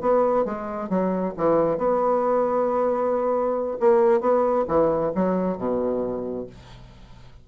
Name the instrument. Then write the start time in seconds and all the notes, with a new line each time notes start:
bassoon
0.00 B3
0.45 G#3
0.89 F#3
1.37 E3
1.77 B3
3.80 A#3
4.20 B3
4.67 E3
5.15 F#3
5.57 B2